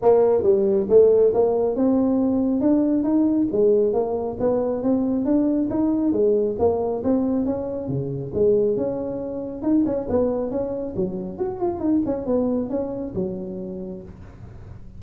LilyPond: \new Staff \with { instrumentName = "tuba" } { \time 4/4 \tempo 4 = 137 ais4 g4 a4 ais4 | c'2 d'4 dis'4 | gis4 ais4 b4 c'4 | d'4 dis'4 gis4 ais4 |
c'4 cis'4 cis4 gis4 | cis'2 dis'8 cis'8 b4 | cis'4 fis4 fis'8 f'8 dis'8 cis'8 | b4 cis'4 fis2 | }